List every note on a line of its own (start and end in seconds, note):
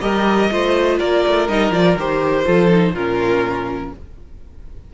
0.00 0.49 G3
0.00 0.49 G4
0.00 0.50 A#4
0.00 0.98 D#5
0.51 1.00 A3
0.51 1.48 F4
0.51 0.99 C5
0.99 1.25 A#3
0.99 2.45 A#4
0.99 1.47 D5
1.27 1.48 A3
1.48 1.71 G3
1.48 1.72 D#4
1.48 1.72 D#5
1.71 1.96 F3
1.71 1.96 F4
1.71 1.97 D5
1.96 2.45 D#3
1.96 2.45 G4
1.96 2.95 C5
2.45 2.92 F3
2.45 2.69 F4
2.45 2.93 A4
2.69 2.93 D#4
2.92 3.90 A#2
2.92 3.94 C#4
2.92 3.90 F4
2.92 3.92 A#4